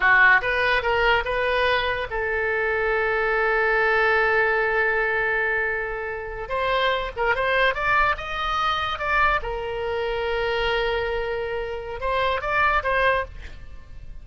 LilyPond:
\new Staff \with { instrumentName = "oboe" } { \time 4/4 \tempo 4 = 145 fis'4 b'4 ais'4 b'4~ | b'4 a'2.~ | a'1~ | a'2.~ a'8. c''16~ |
c''4~ c''16 ais'8 c''4 d''4 dis''16~ | dis''4.~ dis''16 d''4 ais'4~ ais'16~ | ais'1~ | ais'4 c''4 d''4 c''4 | }